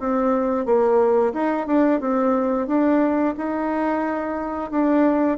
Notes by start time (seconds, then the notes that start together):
0.00 C4
0.66 A#3
1.34 D#4
1.67 D4
2.01 C4
2.68 D4
3.38 D#4
4.71 D4